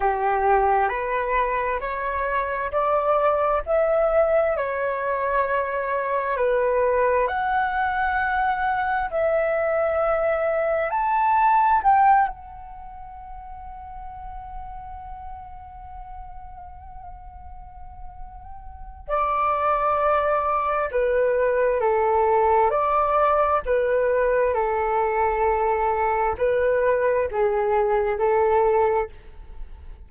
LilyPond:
\new Staff \with { instrumentName = "flute" } { \time 4/4 \tempo 4 = 66 g'4 b'4 cis''4 d''4 | e''4 cis''2 b'4 | fis''2 e''2 | a''4 g''8 fis''2~ fis''8~ |
fis''1~ | fis''4 d''2 b'4 | a'4 d''4 b'4 a'4~ | a'4 b'4 gis'4 a'4 | }